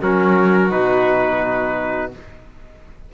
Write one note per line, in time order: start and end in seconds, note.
0.00 0.72 F#3
0.00 0.70 C#4
0.00 2.12 F#4
0.00 0.71 A#4
0.70 2.14 B2
0.70 2.11 D#4
0.70 2.12 B4